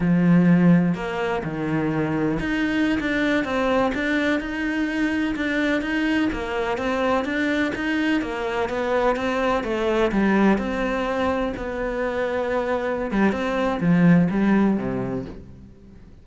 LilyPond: \new Staff \with { instrumentName = "cello" } { \time 4/4 \tempo 4 = 126 f2 ais4 dis4~ | dis4 dis'4~ dis'16 d'4 c'8.~ | c'16 d'4 dis'2 d'8.~ | d'16 dis'4 ais4 c'4 d'8.~ |
d'16 dis'4 ais4 b4 c'8.~ | c'16 a4 g4 c'4.~ c'16~ | c'16 b2.~ b16 g8 | c'4 f4 g4 c4 | }